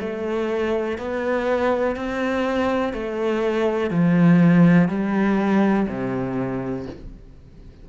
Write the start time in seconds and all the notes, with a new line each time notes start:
0.00 A3
0.98 B3
1.96 C4
2.93 A3
3.90 F3
4.88 G3
5.87 C3